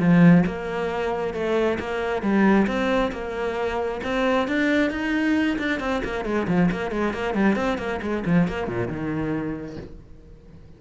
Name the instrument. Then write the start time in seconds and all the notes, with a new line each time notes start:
cello
0.00 F3
0.46 A#3
1.34 A3
1.80 A#3
2.22 G3
2.67 C4
3.12 A#3
4.04 C4
4.48 D4
4.91 D#4
5.59 D4
5.80 C4
6.04 A#3
6.25 G#3
6.48 F3
6.72 A#3
6.92 G#3
7.14 A#3
7.35 G3
7.56 C4
7.78 A#3
8.02 G#3
8.26 F3
8.48 A#3
8.68 A#2
8.88 D#3